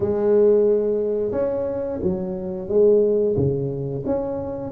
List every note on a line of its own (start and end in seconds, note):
0.00 1.31 G#3
1.31 1.99 C#4
2.02 2.68 F#3
2.68 3.35 G#3
3.36 4.03 C#3
4.05 4.71 C#4